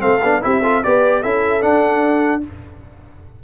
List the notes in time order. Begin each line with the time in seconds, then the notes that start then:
0.00 A3 C4 A4 F5
0.23 B3 D4
0.42 C4 E4 G4 E5
0.63 F4 A4
0.84 B3 G4 B4 D5
1.22 C#4 E4 A4 E5
1.61 D4 F#5